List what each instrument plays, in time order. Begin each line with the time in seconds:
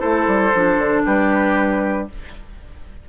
0.00 bassoon A3, clarinet E4, oboe A4, flute C5
0.27 bassoon G3
0.55 bassoon F3, clarinet D4
0.78 bassoon D3
1.06 bassoon G3, oboe G4, flute B4